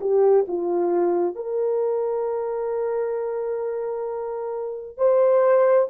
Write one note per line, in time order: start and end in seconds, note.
0.00 0.45 G4
0.48 1.35 F4
1.35 4.97 A#4
4.97 5.88 C5